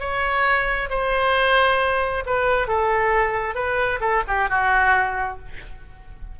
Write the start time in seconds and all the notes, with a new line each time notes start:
0.00 C#5
0.90 C5
2.26 B4
2.68 A4
3.55 B4
4.01 A4
4.28 G4
4.50 F#4